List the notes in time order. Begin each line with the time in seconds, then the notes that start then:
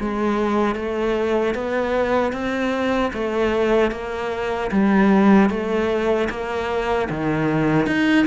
0.00 G#3
0.76 A3
1.55 B3
2.33 C4
3.14 A3
3.92 A#3
4.72 G3
5.50 A3
6.30 A#3
7.10 D#3
7.87 D#4